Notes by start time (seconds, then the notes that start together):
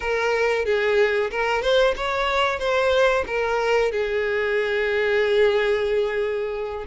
0.00 A#4
0.65 G#4
1.30 A#4
1.62 C5
1.96 C#5
2.59 C5
3.26 A#4
3.91 G#4